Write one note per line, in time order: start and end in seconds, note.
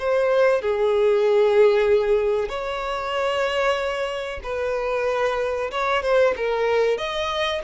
0.00 0.62 C5
0.62 2.50 G#4
2.50 4.41 C#5
4.44 5.72 B4
5.72 6.03 C#5
6.03 6.35 C5
6.37 6.98 A#4
6.98 7.62 D#5